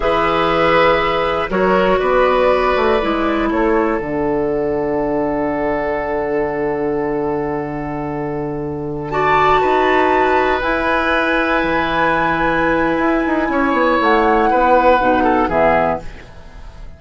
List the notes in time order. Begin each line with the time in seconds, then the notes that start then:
0.00 E3 G#4 B4 E5
1.49 F#3 F#4 A#4 C#5
1.99 B3 B4 D5
2.76 A3
3.01 G#3 E4
3.49 A3 A4 C#5
3.99 D3 D4 F#5
9.10 F#4 D5 A5
9.60 D#4 B4
10.61 E4 G#5
11.63 E3
12.98 E4
13.26 D#4
13.49 C#4 C#5
13.72 B3
14.00 A3 F#5
14.50 B3 B4
14.99 B2 D#4
15.23 A4
15.48 E3 B3 G#4 E5